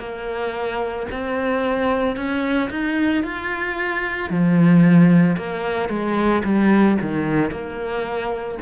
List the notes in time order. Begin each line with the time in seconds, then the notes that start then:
0.00 A#3
1.12 C4
2.17 C#4
2.71 D#4
3.23 F4
4.30 F3
5.37 A#3
5.89 G#3
6.44 G3
7.02 D#3
7.51 A#3